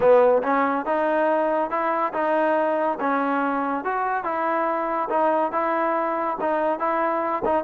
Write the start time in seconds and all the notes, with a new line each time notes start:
0.00 B3
0.43 C#4
0.85 D#4
1.70 E4
2.13 D#4
3.00 C#4
3.84 F#4
4.23 E4
5.09 D#4
5.52 E4
6.40 D#4
6.79 E4
7.44 D#4